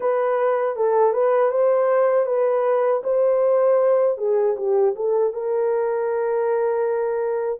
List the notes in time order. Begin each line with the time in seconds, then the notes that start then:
0.00 B4
0.76 A4
1.13 B4
1.51 C5
2.25 B4
3.03 C5
4.17 G#4
4.56 G4
4.95 A4
5.33 A#4